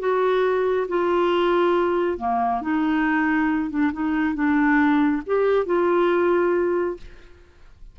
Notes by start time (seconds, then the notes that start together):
0.00 F#4
0.89 F4
2.18 A#3
2.62 D#4
3.70 D4
3.93 D#4
4.35 D4
5.27 G4
5.66 F4